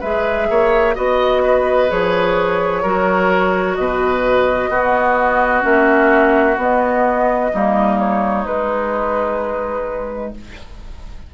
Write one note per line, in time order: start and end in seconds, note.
0.00 0.49 G#3
0.00 0.96 G#4
0.00 0.47 B4
0.00 0.96 E5
0.50 0.96 A#3
0.50 0.95 C#5
0.95 1.91 B3
0.95 1.89 F#4
0.95 1.42 D#5
0.95 1.91 D#5
1.43 2.82 B4
1.89 2.84 F3
1.89 2.83 G#4
1.89 3.75 C#5
2.82 3.78 F#3
2.82 4.72 F#4
2.82 3.76 A#4
3.75 4.69 B2
3.75 4.70 B4
3.75 5.63 D#5
4.69 5.63 B3
4.69 5.62 B3
4.69 7.51 F#4
5.62 6.57 A#3
5.62 6.55 C#4
5.62 6.58 E5
6.57 7.51 B3
6.57 7.52 B3
6.57 7.99 D#5
7.53 8.46 G3
7.53 8.45 A#3
7.53 10.34 D#4
7.99 8.46 C#5
8.45 10.32 G#3
8.45 10.33 G#3
8.45 10.34 B4